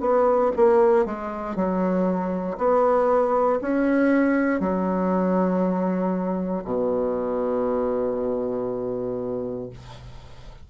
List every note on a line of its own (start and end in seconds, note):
0.00 0.51 B3
0.56 1.05 A#3
1.05 1.55 G#3
1.55 2.57 F#3
2.57 3.59 B3
3.61 4.60 C#4
4.60 6.63 F#3
6.64 9.69 B2